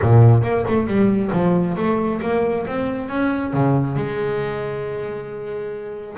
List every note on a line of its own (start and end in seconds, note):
0.01 0.43 A#2
0.43 0.65 A#3
0.68 0.86 A3
0.86 1.30 G3
1.32 1.76 F3
1.76 2.21 A3
2.21 2.66 A#3
2.66 3.09 C4
3.09 3.53 C#4
3.53 3.96 C#3
3.96 6.16 G#3